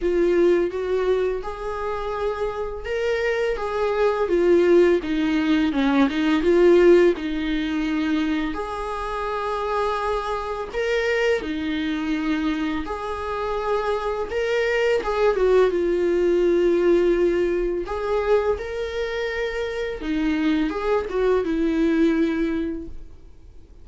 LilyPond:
\new Staff \with { instrumentName = "viola" } { \time 4/4 \tempo 4 = 84 f'4 fis'4 gis'2 | ais'4 gis'4 f'4 dis'4 | cis'8 dis'8 f'4 dis'2 | gis'2. ais'4 |
dis'2 gis'2 | ais'4 gis'8 fis'8 f'2~ | f'4 gis'4 ais'2 | dis'4 gis'8 fis'8 e'2 | }